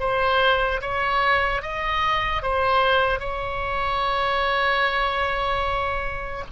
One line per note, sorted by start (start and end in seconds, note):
0.00 0.81 C5
0.81 1.62 C#5
1.62 2.43 D#5
2.43 3.20 C5
3.20 6.44 C#5